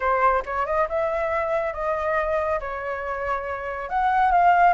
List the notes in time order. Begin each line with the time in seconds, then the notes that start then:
0.00 C5
0.45 C#5
0.66 D#5
0.88 E5
1.73 D#5
2.60 C#5
3.89 F#5
4.31 F5